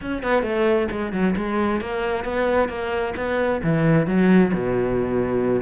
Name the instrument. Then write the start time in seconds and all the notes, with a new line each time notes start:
cello
0.01 C#4
0.22 B3
0.42 A3
0.91 G#3
1.12 F#3
1.36 G#3
1.80 A#3
2.24 B3
2.68 A#3
3.16 B3
3.63 E3
4.06 F#3
4.53 B2